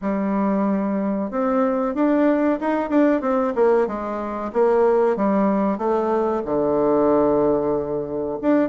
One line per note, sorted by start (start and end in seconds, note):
0.01 1.30 G3
1.30 1.94 C4
1.94 2.59 D4
2.60 2.89 D#4
2.89 3.21 D4
3.21 3.53 C4
3.55 3.87 A#3
3.87 4.51 G#3
4.52 5.16 A#3
5.16 5.77 G3
5.77 6.42 A3
6.45 8.38 D3
8.41 8.69 D4